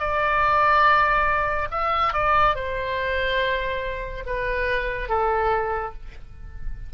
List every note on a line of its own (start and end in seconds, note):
0.00 1.69 D5
1.71 2.14 E5
2.14 2.55 D5
2.55 4.24 C5
4.26 5.09 B4
5.09 5.94 A4